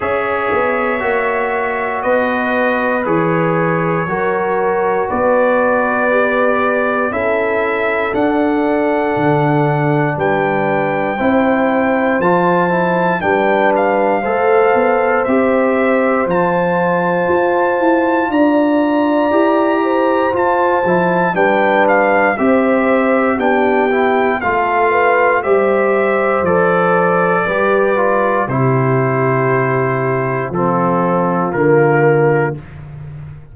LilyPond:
<<
  \new Staff \with { instrumentName = "trumpet" } { \time 4/4 \tempo 4 = 59 e''2 dis''4 cis''4~ | cis''4 d''2 e''4 | fis''2 g''2 | a''4 g''8 f''4. e''4 |
a''2 ais''2 | a''4 g''8 f''8 e''4 g''4 | f''4 e''4 d''2 | c''2 a'4 ais'4 | }
  \new Staff \with { instrumentName = "horn" } { \time 4/4 cis''2 b'2 | ais'4 b'2 a'4~ | a'2 b'4 c''4~ | c''4 b'4 c''2~ |
c''2 d''4. c''8~ | c''4 b'4 c''4 g'4 | a'8 b'8 c''2 b'4 | g'2 f'2 | }
  \new Staff \with { instrumentName = "trombone" } { \time 4/4 gis'4 fis'2 gis'4 | fis'2 g'4 e'4 | d'2. e'4 | f'8 e'8 d'4 a'4 g'4 |
f'2. g'4 | f'8 e'8 d'4 g'4 d'8 e'8 | f'4 g'4 a'4 g'8 f'8 | e'2 c'4 ais4 | }
  \new Staff \with { instrumentName = "tuba" } { \time 4/4 cis'8 b8 ais4 b4 e4 | fis4 b2 cis'4 | d'4 d4 g4 c'4 | f4 g4 a8 b8 c'4 |
f4 f'8 e'8 d'4 e'4 | f'8 f8 g4 c'4 b4 | a4 g4 f4 g4 | c2 f4 d4 | }
>>